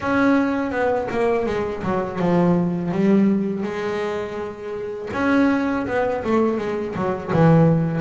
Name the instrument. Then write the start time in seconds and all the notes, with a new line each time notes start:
double bass
0.00 C#4
0.71 B3
1.10 A#3
1.46 G#3
1.83 F#3
2.19 F3
2.91 G3
3.63 G#3
5.13 C#4
5.86 B3
6.24 A3
6.58 G#3
6.95 F#3
7.32 E3